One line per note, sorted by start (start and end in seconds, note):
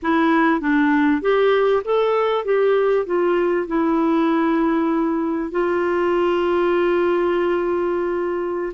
0.02 0.60 E4
0.60 1.21 D4
1.21 1.83 G4
1.84 2.45 A4
2.45 3.06 G4
3.06 3.67 F4
3.67 5.51 E4
5.51 8.72 F4